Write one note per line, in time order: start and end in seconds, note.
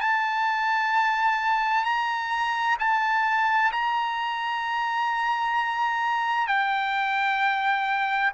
0.00 1.84 A5
1.84 2.77 A#5
2.79 3.71 A5
3.72 6.47 A#5
6.47 8.32 G5